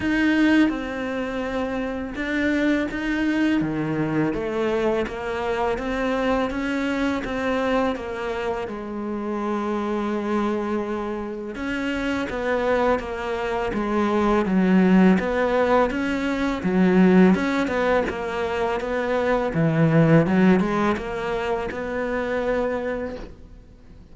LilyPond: \new Staff \with { instrumentName = "cello" } { \time 4/4 \tempo 4 = 83 dis'4 c'2 d'4 | dis'4 dis4 a4 ais4 | c'4 cis'4 c'4 ais4 | gis1 |
cis'4 b4 ais4 gis4 | fis4 b4 cis'4 fis4 | cis'8 b8 ais4 b4 e4 | fis8 gis8 ais4 b2 | }